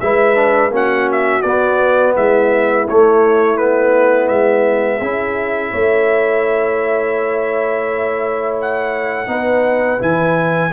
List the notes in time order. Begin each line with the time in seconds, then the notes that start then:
0.00 G#3 E4 B4 E5
0.35 D4
0.70 A#3 C#4 F#4 F#5
1.11 E5
1.41 B3 D5
2.15 G#3 E4 E5
2.88 A3 C#5
3.57 B3 B4
4.28 G#3 E5
5.00 C#4 E4 G#4
5.71 A3 C#5
8.61 F#5
9.26 B3 D#4 B4
9.99 E3 E4 G#5